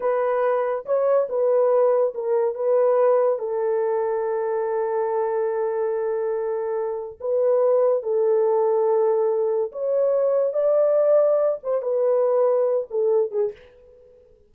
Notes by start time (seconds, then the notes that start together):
0.00 B4
0.85 C#5
1.29 B4
2.14 A#4
2.54 B4
3.39 A4
7.20 B4
8.02 A4
9.72 C#5
10.53 D5
11.63 C5
11.82 B4
12.90 A4
13.31 G#4